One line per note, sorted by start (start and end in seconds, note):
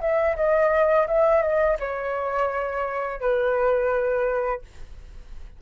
0.00 0.35 E5
0.36 1.07 D#5
1.07 1.42 E5
1.42 1.77 D#5
1.79 3.20 C#5
3.20 4.61 B4